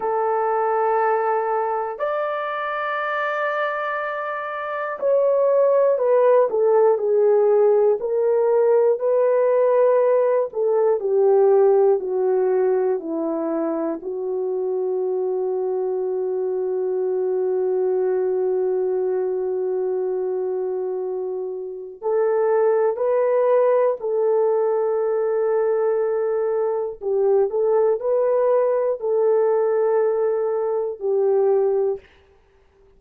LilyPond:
\new Staff \with { instrumentName = "horn" } { \time 4/4 \tempo 4 = 60 a'2 d''2~ | d''4 cis''4 b'8 a'8 gis'4 | ais'4 b'4. a'8 g'4 | fis'4 e'4 fis'2~ |
fis'1~ | fis'2 a'4 b'4 | a'2. g'8 a'8 | b'4 a'2 g'4 | }